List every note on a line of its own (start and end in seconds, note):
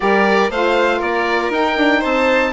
0.00 0.50 G3
0.00 0.50 G4
0.00 0.50 A#4
0.00 0.51 D5
0.50 1.01 A3
0.50 1.51 F4
0.50 0.98 C5
0.50 1.01 F5
0.98 1.50 A#3
0.98 1.98 A#4
0.98 1.52 D5
1.50 1.75 D#4
1.50 2.52 D#4
1.50 2.03 G5
1.76 2.02 D4
1.98 2.49 C5
1.98 2.52 A5
2.04 2.52 C4